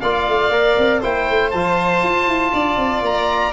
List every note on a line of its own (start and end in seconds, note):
0.00 0.27 A#3
0.00 0.51 F4
0.00 1.00 D5
0.00 1.01 F5
0.27 0.49 A3
0.49 0.74 A#3
0.49 1.02 A#4
0.77 1.03 C4
1.00 1.29 A#3
1.00 1.52 E4
1.00 2.51 C5
1.00 1.50 G5
1.29 1.53 A3
1.50 2.03 F3
1.50 3.53 F4
1.50 3.01 A5
2.03 2.26 F4
2.26 2.51 E4
2.53 2.76 D4
2.53 3.53 D5
2.76 3.01 C4
3.01 3.52 A#3
3.01 3.53 A#5